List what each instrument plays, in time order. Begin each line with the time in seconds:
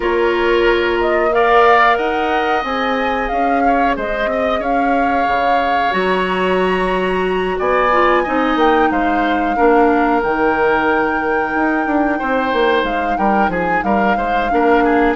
0.00 bassoon A#3, clarinet F4, oboe A#4, flute C#5
1.01 flute D#5
1.32 clarinet A#4, oboe D5, flute F5
1.96 bassoon D#4, oboe D#5, flute F#5
2.63 bassoon C4, clarinet G#4, flute G#5
3.28 bassoon C#4, flute F5
3.66 oboe C#5
3.96 bassoon G#3, oboe C5, flute D#5
4.27 bassoon C4, oboe D#5
4.59 bassoon C#4, oboe C#5, flute F5
5.26 bassoon C#3
5.91 bassoon F#3, clarinet F#4, flute A#5
7.59 bassoon B3, oboe D5, flute G#5
7.92 clarinet F4
8.23 bassoon C4, clarinet D#4, oboe D#5
8.55 bassoon A#3, flute G5
8.90 bassoon G#3, oboe C5, flute F5
9.55 bassoon A#3, clarinet D4, oboe A#4
10.21 bassoon D#3, clarinet D#4, flute G5
11.54 bassoon D#4
11.86 bassoon D4
12.18 bassoon C4, oboe C5
12.52 bassoon A#3
12.83 bassoon G#3, flute F5
13.17 bassoon G3, oboe A#4, flute G5
13.48 bassoon F3, oboe G#4, flute G#5
13.82 bassoon G3, oboe A#4, flute F5
14.16 bassoon G#3, oboe C5
14.50 bassoon A#3, clarinet D4, oboe A#4
14.84 oboe G#4